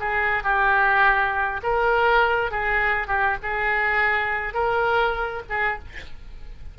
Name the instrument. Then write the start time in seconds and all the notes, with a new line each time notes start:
oboe
0.00 G#4
0.44 G4
1.63 A#4
2.51 G#4
3.07 G4
3.43 G#4
4.54 A#4
5.49 G#4